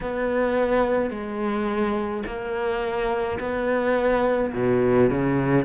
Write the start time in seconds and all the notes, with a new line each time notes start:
0.01 B3
1.10 G#3
2.25 A#3
3.40 B3
4.53 B2
5.09 C#3